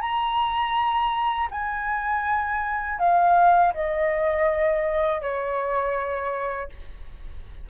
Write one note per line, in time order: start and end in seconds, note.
0.00 1.48 A#5
1.51 2.99 G#5
2.99 3.73 F5
3.73 5.21 D#5
5.21 6.69 C#5